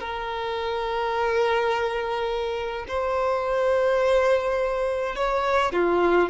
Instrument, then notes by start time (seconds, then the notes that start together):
violin
0.00 A#4
2.88 C5
5.16 C#5
5.73 F4